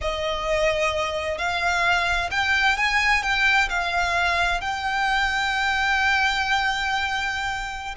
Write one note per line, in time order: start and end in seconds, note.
0.01 1.37 D#5
1.37 2.30 F5
2.31 2.77 G5
2.77 3.22 G#5
3.22 3.69 G5
3.69 4.60 F5
4.60 7.95 G5